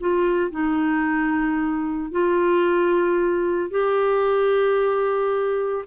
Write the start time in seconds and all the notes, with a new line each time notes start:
0.00 F4
0.51 D#4
2.11 F4
3.70 G4